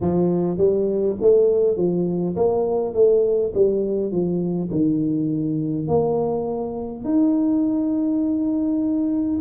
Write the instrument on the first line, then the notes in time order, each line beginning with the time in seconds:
tuba
0.01 F3
0.57 G3
1.20 A3
1.76 F3
2.36 A#3
2.94 A3
3.54 G3
4.11 F3
4.71 D#3
5.87 A#3
7.04 D#4